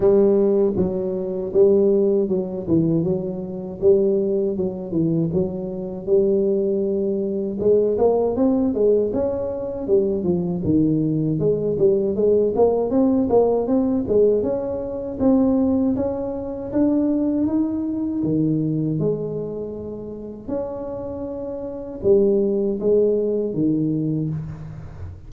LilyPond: \new Staff \with { instrumentName = "tuba" } { \time 4/4 \tempo 4 = 79 g4 fis4 g4 fis8 e8 | fis4 g4 fis8 e8 fis4 | g2 gis8 ais8 c'8 gis8 | cis'4 g8 f8 dis4 gis8 g8 |
gis8 ais8 c'8 ais8 c'8 gis8 cis'4 | c'4 cis'4 d'4 dis'4 | dis4 gis2 cis'4~ | cis'4 g4 gis4 dis4 | }